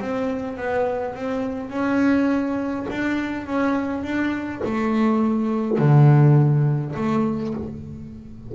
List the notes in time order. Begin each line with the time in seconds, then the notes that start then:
0.00 C4
0.57 B3
1.15 C4
1.70 C#4
2.90 D4
3.47 C#4
4.04 D4
4.65 A3
5.79 D3
6.96 A3